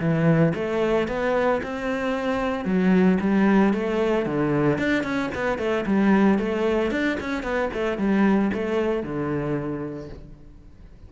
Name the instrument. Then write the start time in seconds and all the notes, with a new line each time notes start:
cello
0.00 E3
0.55 A3
1.08 B3
1.63 C4
2.65 F#3
3.21 G3
3.73 A3
4.26 D3
4.78 D4
5.03 C#4
5.35 B3
5.58 A3
5.86 G3
6.39 A3
6.91 D4
7.20 C#4
7.43 B3
7.74 A3
7.98 G3
8.53 A3
9.03 D3